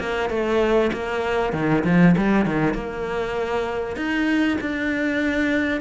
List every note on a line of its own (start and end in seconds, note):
0.00 0.30 A#3
0.30 0.91 A3
0.93 1.53 A#3
1.53 1.84 D#3
1.85 2.15 F3
2.17 2.46 G3
2.46 2.74 D#3
2.74 3.97 A#3
3.97 4.58 D#4
4.61 5.81 D4